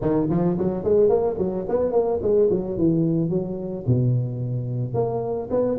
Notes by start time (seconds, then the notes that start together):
0.01 D#3
0.29 F3
0.58 F#3
0.84 G#3
1.09 A#3
1.38 F#3
1.68 B3
1.91 A#3
2.21 G#3
2.50 F#3
2.77 E3
3.29 F#3
3.87 B2
4.94 A#3
5.50 B3